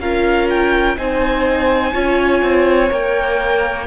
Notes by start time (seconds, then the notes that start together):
0.00 C#4 F4 A#4 F5
0.50 G5
0.97 C4 D#4 C5 G#5
1.94 C#4 F4 C#5
2.42 C4
2.90 A#3 A#4 G5